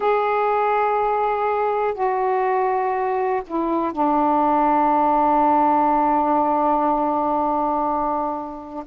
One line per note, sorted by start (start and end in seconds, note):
0.00 1.94 G#4
1.94 3.42 F#4
3.46 3.92 E4
3.92 8.84 D4